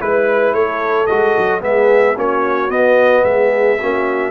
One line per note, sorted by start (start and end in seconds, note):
0.00 0.53 G#3
0.00 1.08 E4
0.00 0.54 B4
0.53 1.07 A3
0.53 1.62 A4
0.53 1.07 C#5
1.07 1.37 G#3
1.07 1.60 F#4
1.07 1.61 D#5
1.38 1.62 F#3
1.60 2.17 G#3
1.60 2.15 B3
1.60 2.16 G#4
1.60 2.18 E5
2.16 2.70 A#3
2.16 2.69 C#4
2.16 3.25 F#4
2.16 2.70 C#5
2.69 3.77 B3
2.69 3.24 B3
2.69 3.24 D#5
3.24 3.78 G#3
3.24 3.79 G#4
3.24 4.31 E5
3.79 4.31 A#3
3.79 4.31 C#4
3.79 4.31 F#4